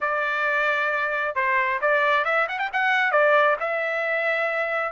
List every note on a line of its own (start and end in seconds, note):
0.00 1.35 D5
1.35 1.80 C5
1.81 2.24 D5
2.24 2.47 E5
2.48 2.58 F#5
2.58 2.70 G5
2.72 3.11 F#5
3.11 3.56 D5
3.60 4.92 E5